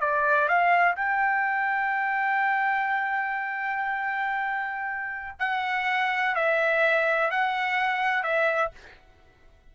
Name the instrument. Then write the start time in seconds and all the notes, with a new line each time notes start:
trumpet
0.00 D5
0.48 F5
0.95 G5
5.39 F#5
6.35 E5
7.30 F#5
8.23 E5